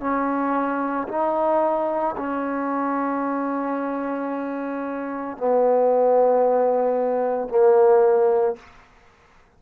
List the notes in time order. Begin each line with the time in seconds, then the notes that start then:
0.00 C#4
1.08 D#4
2.17 C#4
5.37 B3
7.48 A#3